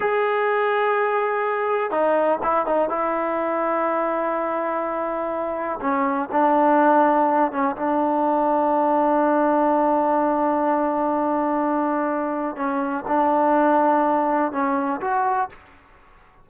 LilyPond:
\new Staff \with { instrumentName = "trombone" } { \time 4/4 \tempo 4 = 124 gis'1 | dis'4 e'8 dis'8 e'2~ | e'1 | cis'4 d'2~ d'8 cis'8 |
d'1~ | d'1~ | d'2 cis'4 d'4~ | d'2 cis'4 fis'4 | }